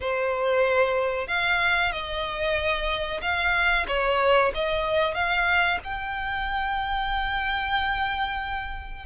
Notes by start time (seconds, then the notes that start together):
0.00 C5
1.27 F5
1.91 D#5
3.21 F5
3.87 C#5
4.54 D#5
5.14 F5
5.84 G5